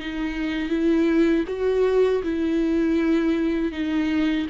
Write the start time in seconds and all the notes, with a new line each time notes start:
0.00 D#4
0.70 E4
1.48 F#4
2.24 E4
3.72 D#4